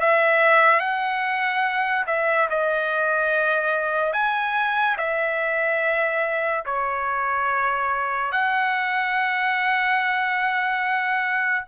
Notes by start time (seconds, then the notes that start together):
0.00 E5
0.80 F#5
2.06 E5
2.50 D#5
4.13 G#5
4.97 E5
6.65 C#5
8.31 F#5